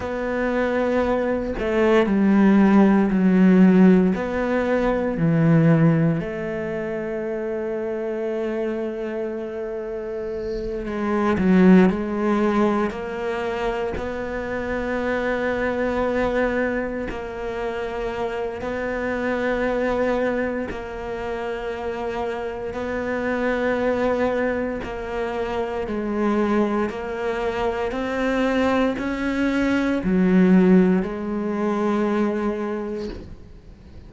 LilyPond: \new Staff \with { instrumentName = "cello" } { \time 4/4 \tempo 4 = 58 b4. a8 g4 fis4 | b4 e4 a2~ | a2~ a8 gis8 fis8 gis8~ | gis8 ais4 b2~ b8~ |
b8 ais4. b2 | ais2 b2 | ais4 gis4 ais4 c'4 | cis'4 fis4 gis2 | }